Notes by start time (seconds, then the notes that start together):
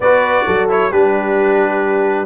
0.00 B3 F#4 B4 D5
0.45 F#3 A4
0.68 E4 C#5
0.91 G3 D4 G4 B4